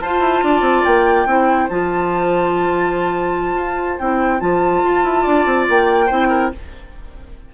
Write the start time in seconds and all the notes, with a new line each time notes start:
0.00 F4 C5 A5
0.19 E4
0.43 D4 D5
0.60 C4
0.84 A#3 G5
1.25 C4 E4 C5
1.69 F3 F4 A5
3.54 F4
3.99 C4 E4 G5
4.39 F3 F4 A5
4.83 F4
5.03 E4
5.22 D4 D5
5.45 C4
5.68 A#3 G5
6.06 C4 E4 C5
6.29 A#4